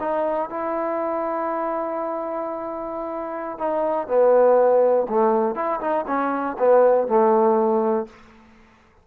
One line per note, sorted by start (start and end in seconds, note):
0.00 0.50 D#4
0.50 3.58 E4
3.58 4.08 D#4
4.08 5.07 B3
5.09 5.55 A3
5.55 5.80 E4
5.80 6.05 D#4
6.07 6.57 C#4
6.59 7.07 B3
7.07 8.06 A3